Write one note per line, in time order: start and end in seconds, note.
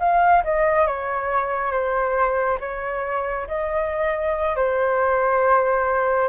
0.00 0.43 F5
0.45 0.87 D#5
0.87 1.72 C#5
1.72 2.59 C5
2.60 3.47 C#5
3.48 4.57 D#5
4.57 6.29 C5